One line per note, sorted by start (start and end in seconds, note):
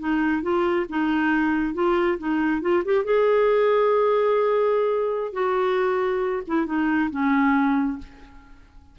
0.00 0.43 D#4
0.43 0.86 F4
0.89 1.74 D#4
1.74 2.18 F4
2.19 2.62 D#4
2.62 2.83 F4
2.85 3.05 G4
3.05 5.33 G#4
5.33 6.43 F#4
6.47 6.66 E4
6.66 7.10 D#4
7.11 7.99 C#4